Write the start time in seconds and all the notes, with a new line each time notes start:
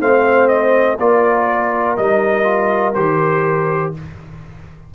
0.00 A3 C4 C5 F5
0.48 D#5
0.99 A#3 F4 A#4 D5
1.97 G3 D#4 D#5
2.44 F4
2.94 D#3 G4 C5